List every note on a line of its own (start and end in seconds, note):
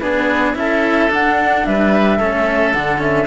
0.00 0.56 B3
0.00 0.55 D4
0.00 0.57 G#4
0.00 0.55 B4
0.55 1.10 C#4
0.55 1.09 E4
0.55 1.68 A4
0.55 1.12 E5
1.10 1.65 D4
1.10 2.20 D4
1.10 1.66 F#5
1.66 2.20 G3
1.66 2.18 B4
1.66 2.74 E5
2.18 2.75 A3
2.18 2.75 C#4
2.18 3.27 A4
2.74 3.28 D3
2.74 2.99 D4
2.74 3.01 F#5
2.99 3.26 C#4
2.99 3.28 E5